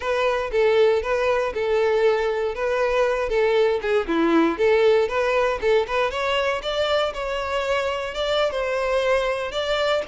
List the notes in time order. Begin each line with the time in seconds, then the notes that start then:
0.00 B4
0.51 A4
1.02 B4
1.53 A4
2.54 B4
3.29 A4
3.81 G#4
4.07 E4
4.58 A4
5.08 B4
5.61 A4
5.87 B4
6.10 C#5
6.62 D5
7.13 C#5
8.14 D5
8.50 C5
9.51 D5